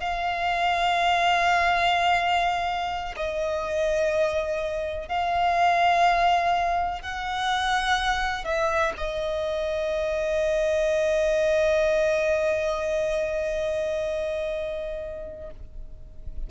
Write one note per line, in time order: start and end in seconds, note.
0.00 3.15 F5
3.16 5.08 D#5
5.08 7.02 F5
7.02 8.44 F#5
8.44 8.93 E5
8.97 15.50 D#5